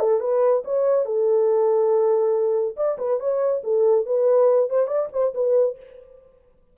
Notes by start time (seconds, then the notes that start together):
0.00 A4
0.21 B4
0.65 C#5
1.06 A4
2.77 D5
2.99 B4
3.20 C#5
3.64 A4
4.06 B4
4.70 C5
4.88 D5
5.13 C5
5.35 B4